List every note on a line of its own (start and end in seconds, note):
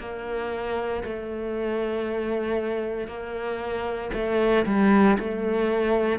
0.00 1.03 A#3
1.04 3.08 A3
3.08 4.11 A#3
4.14 4.66 A3
4.66 5.18 G3
5.19 6.19 A3